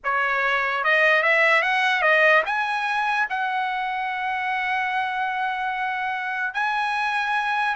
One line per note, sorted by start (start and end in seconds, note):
0.04 0.83 C#5
0.83 1.22 D#5
1.22 1.62 E5
1.62 2.02 F#5
2.02 2.42 D#5
2.45 3.27 G#5
3.29 6.53 F#5
6.53 7.75 G#5